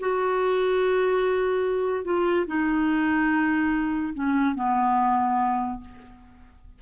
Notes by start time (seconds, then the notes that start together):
0.00 F#4
2.04 F4
2.47 D#4
4.14 C#4
4.55 B3